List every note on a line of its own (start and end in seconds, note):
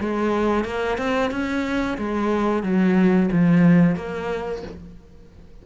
0.00 0.65 G#3
0.65 0.98 A#3
0.98 1.31 C4
1.31 1.98 C#4
1.98 2.63 G#3
2.63 3.30 F#3
3.32 3.96 F3
3.96 4.63 A#3